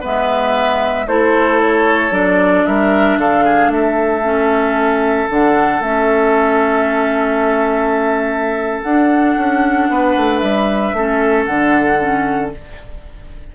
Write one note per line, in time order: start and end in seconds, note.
0.00 1.07 G#3
0.00 1.06 B3
0.00 1.05 B4
0.00 1.07 E5
1.07 2.10 A3
1.07 2.10 E4
1.07 2.66 A4
1.07 1.60 C5
1.61 2.13 C#5
2.10 2.63 F#3
2.10 4.21 D4
2.10 2.66 D5
2.66 3.17 G3
2.66 3.19 A#4
2.66 3.18 E5
3.17 3.67 D3
3.17 3.44 A4
3.17 3.71 F5
3.44 3.70 G#4
3.67 5.25 A3
3.67 9.91 A4
3.67 5.29 E5
4.23 5.28 C#4
5.29 5.80 D3
5.29 5.81 D4
5.29 5.81 F#5
5.80 8.82 A3
5.80 8.85 C#4
5.80 8.81 E5
8.81 9.36 D4
8.81 10.96 D4
8.81 10.39 F#5
9.37 9.89 C#4
9.89 10.15 B3
9.89 10.96 B4
10.16 10.42 A3
10.39 10.92 G3
10.39 11.44 E5
10.92 11.45 A3
10.92 11.48 C#4
10.92 12.55 A4
11.45 12.52 D3
11.45 11.98 D4
11.45 12.50 F#5
11.98 12.51 C#4